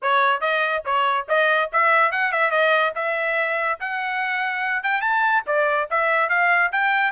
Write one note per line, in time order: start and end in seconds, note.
0.02 0.40 C#5
0.40 0.82 D#5
0.85 1.27 C#5
1.28 1.70 D#5
1.72 2.11 E5
2.11 2.32 F#5
2.32 2.50 E5
2.50 2.92 D#5
2.95 3.79 E5
3.80 4.83 F#5
4.83 5.01 G5
5.01 5.43 A5
5.46 5.88 D5
5.90 6.29 E5
6.29 6.71 F5
6.72 7.11 G5